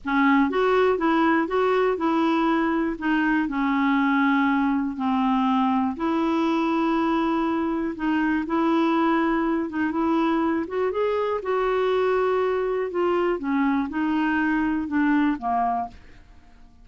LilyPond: \new Staff \with { instrumentName = "clarinet" } { \time 4/4 \tempo 4 = 121 cis'4 fis'4 e'4 fis'4 | e'2 dis'4 cis'4~ | cis'2 c'2 | e'1 |
dis'4 e'2~ e'8 dis'8 | e'4. fis'8 gis'4 fis'4~ | fis'2 f'4 cis'4 | dis'2 d'4 ais4 | }